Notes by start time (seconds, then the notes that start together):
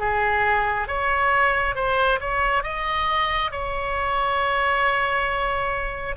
0.00 G#4
0.88 C#5
1.76 C5
2.21 C#5
2.64 D#5
3.51 C#5